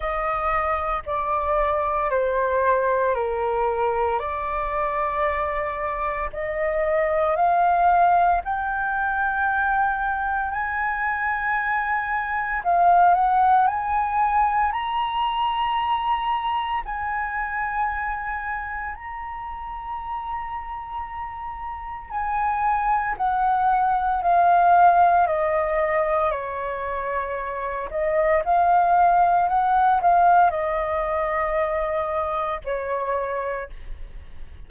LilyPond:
\new Staff \with { instrumentName = "flute" } { \time 4/4 \tempo 4 = 57 dis''4 d''4 c''4 ais'4 | d''2 dis''4 f''4 | g''2 gis''2 | f''8 fis''8 gis''4 ais''2 |
gis''2 ais''2~ | ais''4 gis''4 fis''4 f''4 | dis''4 cis''4. dis''8 f''4 | fis''8 f''8 dis''2 cis''4 | }